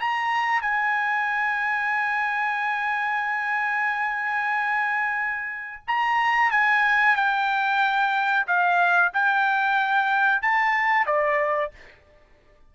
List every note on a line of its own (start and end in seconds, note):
0.00 0.62 A#5
0.62 5.83 G#5
5.87 6.51 A#5
6.51 7.16 G#5
7.16 8.46 G5
8.47 9.12 F5
9.13 10.42 G5
10.42 11.06 A5
11.06 11.72 D5